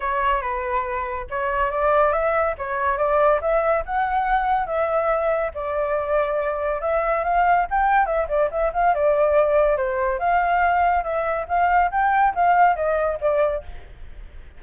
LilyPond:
\new Staff \with { instrumentName = "flute" } { \time 4/4 \tempo 4 = 141 cis''4 b'2 cis''4 | d''4 e''4 cis''4 d''4 | e''4 fis''2 e''4~ | e''4 d''2. |
e''4 f''4 g''4 e''8 d''8 | e''8 f''8 d''2 c''4 | f''2 e''4 f''4 | g''4 f''4 dis''4 d''4 | }